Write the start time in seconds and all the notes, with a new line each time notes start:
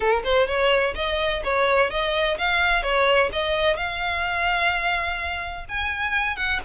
0.00 A#4
0.23 C5
0.47 C#5
0.95 D#5
1.44 C#5
1.90 D#5
2.38 F5
2.82 C#5
3.32 D#5
3.76 F5
5.68 G#5
6.36 F#5